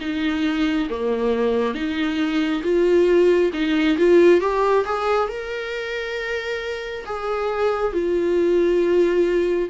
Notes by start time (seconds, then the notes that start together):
0.00 D#4
0.89 A#3
1.74 D#4
2.62 F4
3.53 D#4
3.97 F4
4.40 G4
4.85 G#4
5.28 A#4
7.05 G#4
7.93 F4